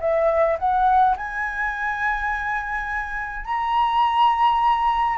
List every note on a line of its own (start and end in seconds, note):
0.00 0.58 E5
0.58 1.16 F#5
1.16 3.45 G#5
3.45 5.17 A#5